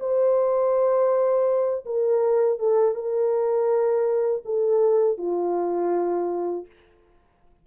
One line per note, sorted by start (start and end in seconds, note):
0.00 1.85 C5
1.86 2.59 A#4
2.59 2.95 A4
2.95 4.43 A#4
4.45 5.18 A4
5.18 6.66 F4